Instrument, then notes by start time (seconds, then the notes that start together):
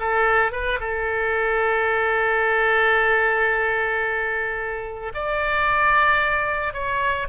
oboe
0.00 A4
0.52 B4
0.80 A4
5.14 D5
6.73 C#5